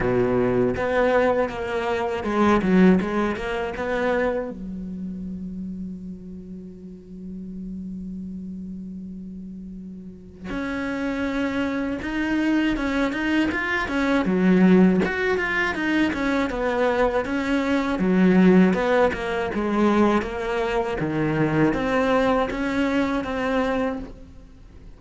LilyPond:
\new Staff \with { instrumentName = "cello" } { \time 4/4 \tempo 4 = 80 b,4 b4 ais4 gis8 fis8 | gis8 ais8 b4 fis2~ | fis1~ | fis2 cis'2 |
dis'4 cis'8 dis'8 f'8 cis'8 fis4 | fis'8 f'8 dis'8 cis'8 b4 cis'4 | fis4 b8 ais8 gis4 ais4 | dis4 c'4 cis'4 c'4 | }